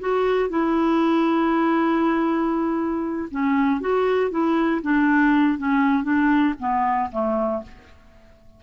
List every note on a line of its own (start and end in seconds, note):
0.00 0.50 F#4
0.50 3.29 E4
3.31 3.81 C#4
3.81 4.31 F#4
4.31 4.82 E4
4.82 5.58 D4
5.58 6.03 C#4
6.03 6.54 D4
6.59 7.10 B3
7.12 7.62 A3